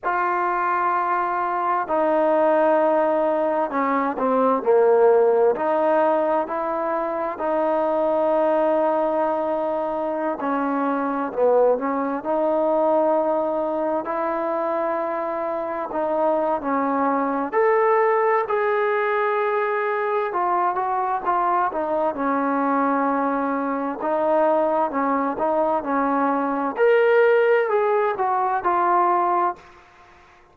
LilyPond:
\new Staff \with { instrumentName = "trombone" } { \time 4/4 \tempo 4 = 65 f'2 dis'2 | cis'8 c'8 ais4 dis'4 e'4 | dis'2.~ dis'16 cis'8.~ | cis'16 b8 cis'8 dis'2 e'8.~ |
e'4~ e'16 dis'8. cis'4 a'4 | gis'2 f'8 fis'8 f'8 dis'8 | cis'2 dis'4 cis'8 dis'8 | cis'4 ais'4 gis'8 fis'8 f'4 | }